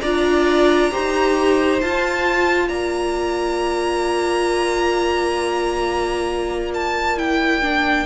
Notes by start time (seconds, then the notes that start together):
0.00 D4 F4 D5 A#5
0.91 D#4 G4 C5
1.81 F4 A5
2.68 A#3 D5 A#5
6.74 A5
7.17 E4 G5
7.62 D4